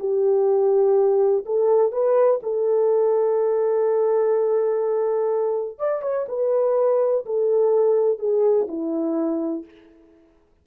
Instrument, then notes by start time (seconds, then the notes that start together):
horn
0.00 G4
1.46 A4
1.93 B4
2.43 A4
5.79 D5
6.02 C#5
6.29 B4
7.26 A4
8.19 G#4
8.69 E4